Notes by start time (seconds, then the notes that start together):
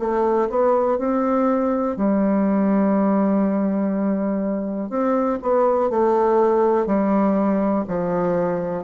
0.00 A3
0.50 B3
0.98 C4
1.97 G3
4.90 C4
5.42 B3
5.90 A3
6.86 G3
7.88 F3